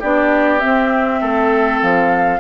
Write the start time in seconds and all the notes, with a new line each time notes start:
0.00 B3 D4 G4 D5
0.60 C4 E5
1.21 A3 A4
1.82 F3 F5